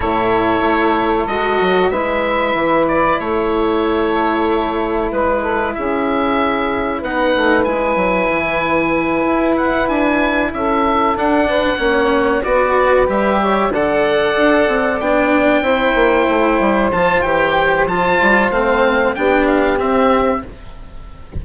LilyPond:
<<
  \new Staff \with { instrumentName = "oboe" } { \time 4/4 \tempo 4 = 94 cis''2 dis''4 e''4~ | e''8 d''8 cis''2. | b'4 e''2 fis''4 | gis''2. fis''8 gis''8~ |
gis''8 e''4 fis''2 d''8~ | d''8 e''4 fis''2 g''8~ | g''2~ g''8 a''8 g''4 | a''4 f''4 g''8 f''8 e''4 | }
  \new Staff \with { instrumentName = "saxophone" } { \time 4/4 a'2. b'4~ | b'4 a'2. | b'8 a'8 gis'2 b'4~ | b'1~ |
b'8 a'4. b'8 cis''4 b'8~ | b'4 cis''8 d''2~ d''8~ | d''8 c''2.~ c''8~ | c''2 g'2 | }
  \new Staff \with { instrumentName = "cello" } { \time 4/4 e'2 fis'4 e'4~ | e'1~ | e'2. dis'4 | e'1~ |
e'4. d'4 cis'4 fis'8~ | fis'8 g'4 a'2 d'8~ | d'8 e'2 f'8 g'4 | f'4 c'4 d'4 c'4 | }
  \new Staff \with { instrumentName = "bassoon" } { \time 4/4 a,4 a4 gis8 fis8 gis4 | e4 a2. | gis4 cis'2 b8 a8 | gis8 fis8 e4. e'4 d'8~ |
d'8 cis'4 d'4 ais4 b8~ | b8 g4 d4 d'8 c'8 b8~ | b8 c'8 ais8 a8 g8 f8 e4 | f8 g8 a4 b4 c'4 | }
>>